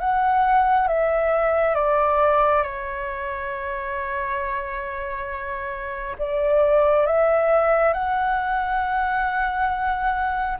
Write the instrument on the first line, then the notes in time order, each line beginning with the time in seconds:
flute
0.00 F#5
0.88 E5
1.74 D5
2.63 C#5
6.18 D5
7.06 E5
7.93 F#5